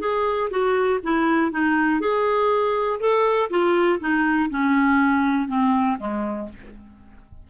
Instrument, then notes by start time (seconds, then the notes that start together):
clarinet
0.00 G#4
0.50 F#4
1.03 E4
1.52 D#4
2.01 G#4
3.00 A4
3.50 F4
4.00 D#4
4.50 C#4
5.48 C4
6.00 G#3